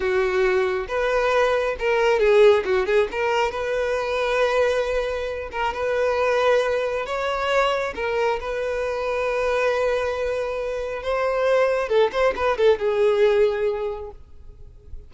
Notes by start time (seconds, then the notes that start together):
0.00 F#4
0.87 B4
1.79 A#4
2.19 G#4
2.64 F#4
2.86 G#4
3.11 A#4
3.51 B4
5.51 A#4
5.73 B4
7.05 C#5
7.95 A#4
8.40 B4
11.02 C5
11.89 A4
12.12 C5
12.35 B4
12.57 A4
12.78 G#4